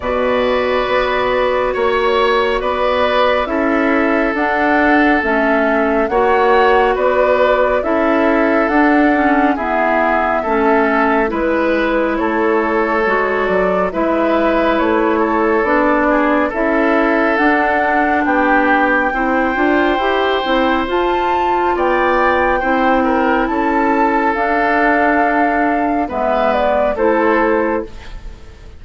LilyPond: <<
  \new Staff \with { instrumentName = "flute" } { \time 4/4 \tempo 4 = 69 d''2 cis''4 d''4 | e''4 fis''4 e''4 fis''4 | d''4 e''4 fis''4 e''4~ | e''4 b'4 cis''4. d''8 |
e''4 cis''4 d''4 e''4 | fis''4 g''2. | a''4 g''2 a''4 | f''2 e''8 d''8 c''4 | }
  \new Staff \with { instrumentName = "oboe" } { \time 4/4 b'2 cis''4 b'4 | a'2. cis''4 | b'4 a'2 gis'4 | a'4 b'4 a'2 |
b'4. a'4 gis'8 a'4~ | a'4 g'4 c''2~ | c''4 d''4 c''8 ais'8 a'4~ | a'2 b'4 a'4 | }
  \new Staff \with { instrumentName = "clarinet" } { \time 4/4 fis'1 | e'4 d'4 cis'4 fis'4~ | fis'4 e'4 d'8 cis'8 b4 | cis'4 e'2 fis'4 |
e'2 d'4 e'4 | d'2 e'8 f'8 g'8 e'8 | f'2 e'2 | d'2 b4 e'4 | }
  \new Staff \with { instrumentName = "bassoon" } { \time 4/4 b,4 b4 ais4 b4 | cis'4 d'4 a4 ais4 | b4 cis'4 d'4 e'4 | a4 gis4 a4 gis8 fis8 |
gis4 a4 b4 cis'4 | d'4 b4 c'8 d'8 e'8 c'8 | f'4 b4 c'4 cis'4 | d'2 gis4 a4 | }
>>